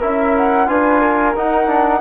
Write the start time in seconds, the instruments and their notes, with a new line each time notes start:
0.00 bassoon C#4, trombone E4, flute A#4 E5
0.37 flute F#5
0.67 bassoon D4, trombone F4, flute B4 G#5
1.00 flute A#4
1.37 trombone D#4, bassoon D#4, flute F#5
1.68 trombone D4